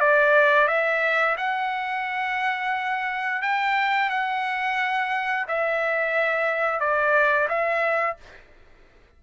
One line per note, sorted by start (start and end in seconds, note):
0.00 0.68 D5
0.68 1.36 E5
1.37 3.42 F#5
3.42 4.09 G5
4.09 5.46 F#5
5.48 6.80 E5
6.80 7.48 D5
7.48 8.17 E5